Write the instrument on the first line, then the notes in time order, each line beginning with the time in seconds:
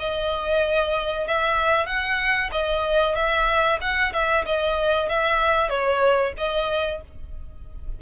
violin
0.00 D#5
1.28 E5
1.87 F#5
2.52 D#5
3.16 E5
3.81 F#5
4.13 E5
4.46 D#5
5.09 E5
5.70 C#5
6.38 D#5